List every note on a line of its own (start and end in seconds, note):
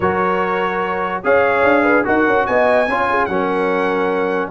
0.00 1.23 F#3
0.00 1.23 F#4
0.00 1.22 A#4
0.00 1.22 C#5
1.23 1.63 C#4
1.23 2.04 G#4
1.23 1.83 C#5
1.23 2.06 F5
1.63 2.04 D4
1.83 2.03 B4
2.04 2.27 D#4
2.04 2.86 F#4
2.04 2.47 A#4
2.04 2.46 F#5
2.27 2.47 C#4
2.46 2.88 B3
2.46 2.89 D#5
2.46 3.25 G#5
2.88 3.28 C#4
2.88 3.29 F4
2.88 3.09 C#5
3.09 3.30 G#4
3.25 4.51 F#3
3.25 4.51 C#4
3.25 4.48 F#5
3.32 4.51 A#4